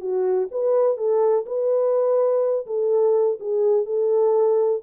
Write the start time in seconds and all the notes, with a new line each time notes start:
0.00 F#4
0.51 B4
0.97 A4
1.46 B4
2.66 A4
3.40 G#4
3.86 A4